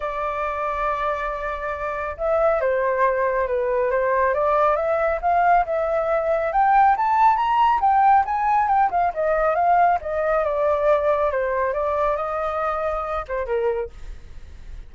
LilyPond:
\new Staff \with { instrumentName = "flute" } { \time 4/4 \tempo 4 = 138 d''1~ | d''4 e''4 c''2 | b'4 c''4 d''4 e''4 | f''4 e''2 g''4 |
a''4 ais''4 g''4 gis''4 | g''8 f''8 dis''4 f''4 dis''4 | d''2 c''4 d''4 | dis''2~ dis''8 c''8 ais'4 | }